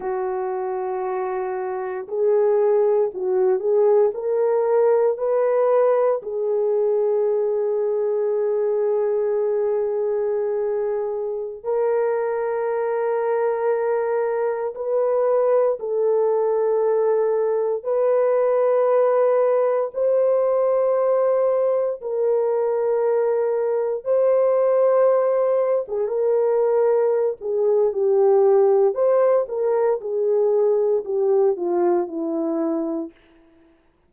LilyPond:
\new Staff \with { instrumentName = "horn" } { \time 4/4 \tempo 4 = 58 fis'2 gis'4 fis'8 gis'8 | ais'4 b'4 gis'2~ | gis'2.~ gis'16 ais'8.~ | ais'2~ ais'16 b'4 a'8.~ |
a'4~ a'16 b'2 c''8.~ | c''4~ c''16 ais'2 c''8.~ | c''4 gis'16 ais'4~ ais'16 gis'8 g'4 | c''8 ais'8 gis'4 g'8 f'8 e'4 | }